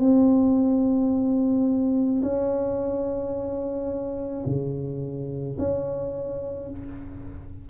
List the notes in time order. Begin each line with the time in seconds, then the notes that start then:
0.00 C4
2.23 C#4
4.46 C#3
5.59 C#4